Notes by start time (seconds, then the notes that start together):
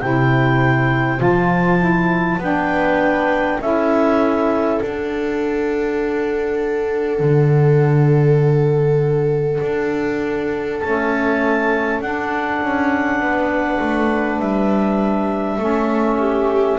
0.00 C3 E4 C5 G5
1.17 F3 F4 A5
1.79 E4
2.38 B3 D4 B4 G5
3.60 C#4 E4 A4 E5
4.80 D4 F#5
7.19 D3
9.62 D4
10.80 A3 C#4 A5
12.01 D4 F#5
12.62 C#4
13.20 B3 B4
13.80 A3
14.40 G3 E5
15.58 A3 C#4 A4
16.19 G4